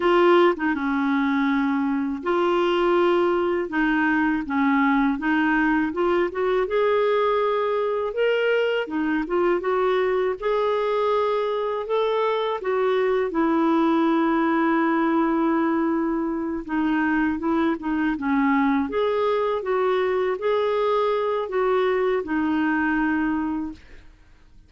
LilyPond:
\new Staff \with { instrumentName = "clarinet" } { \time 4/4 \tempo 4 = 81 f'8. dis'16 cis'2 f'4~ | f'4 dis'4 cis'4 dis'4 | f'8 fis'8 gis'2 ais'4 | dis'8 f'8 fis'4 gis'2 |
a'4 fis'4 e'2~ | e'2~ e'8 dis'4 e'8 | dis'8 cis'4 gis'4 fis'4 gis'8~ | gis'4 fis'4 dis'2 | }